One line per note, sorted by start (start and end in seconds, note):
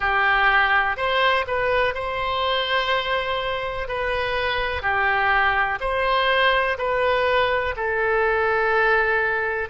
0.00 0.96 G4
0.96 1.45 C5
1.47 1.94 B4
1.94 3.88 C5
3.88 4.81 B4
4.81 5.78 G4
5.80 6.77 C5
6.77 7.74 B4
7.76 9.69 A4